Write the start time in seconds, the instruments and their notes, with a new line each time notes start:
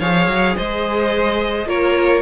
0.00 cello F3, viola G#4, violin C#5 F5
0.27 cello F#3
0.56 cello G#3, violin C5 D#5
1.66 cello A#3, viola F4, violin A#4 C#5